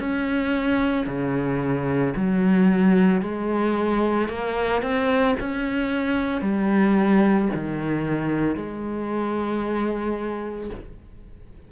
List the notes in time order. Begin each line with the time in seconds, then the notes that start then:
0.00 C#4
1.07 C#3
2.16 F#3
3.21 G#3
4.29 A#3
4.82 C4
5.40 C#4
6.41 G3
7.54 D#3
8.56 G#3